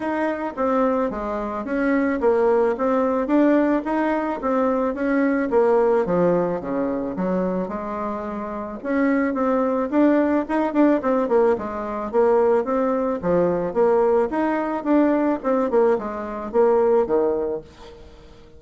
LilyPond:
\new Staff \with { instrumentName = "bassoon" } { \time 4/4 \tempo 4 = 109 dis'4 c'4 gis4 cis'4 | ais4 c'4 d'4 dis'4 | c'4 cis'4 ais4 f4 | cis4 fis4 gis2 |
cis'4 c'4 d'4 dis'8 d'8 | c'8 ais8 gis4 ais4 c'4 | f4 ais4 dis'4 d'4 | c'8 ais8 gis4 ais4 dis4 | }